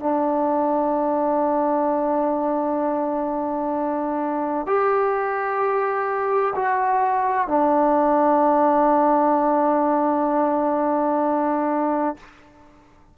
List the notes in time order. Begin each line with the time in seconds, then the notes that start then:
0.00 D4
4.67 G4
6.56 F#4
7.48 D4